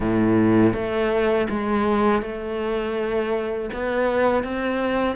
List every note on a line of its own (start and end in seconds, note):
0.00 0.73 A2
0.73 1.47 A3
1.49 2.22 G#3
2.22 3.70 A3
3.73 4.43 B3
4.43 5.15 C4